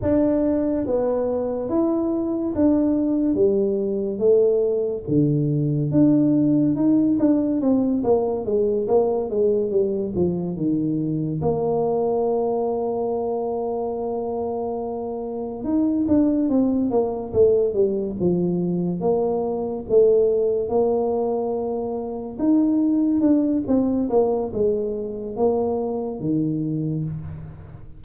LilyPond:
\new Staff \with { instrumentName = "tuba" } { \time 4/4 \tempo 4 = 71 d'4 b4 e'4 d'4 | g4 a4 d4 d'4 | dis'8 d'8 c'8 ais8 gis8 ais8 gis8 g8 | f8 dis4 ais2~ ais8~ |
ais2~ ais8 dis'8 d'8 c'8 | ais8 a8 g8 f4 ais4 a8~ | a8 ais2 dis'4 d'8 | c'8 ais8 gis4 ais4 dis4 | }